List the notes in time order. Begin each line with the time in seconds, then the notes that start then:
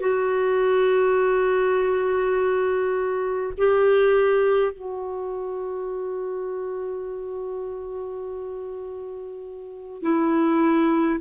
0.00 F#4
3.57 G4
4.72 F#4
10.02 E4